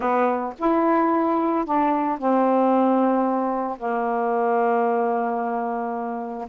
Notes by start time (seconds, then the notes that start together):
0.00 B3
0.58 E4
1.65 D4
2.18 C4
3.77 A#3